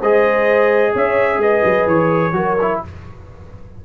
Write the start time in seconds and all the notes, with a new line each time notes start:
0.00 G#3 G#4 C5 D#5
0.94 C#4 C#5 E5
1.39 G#3 B4 D#5
1.65 F#3
1.87 E3 C#5
2.33 F#3 F#4 A#4
2.62 E4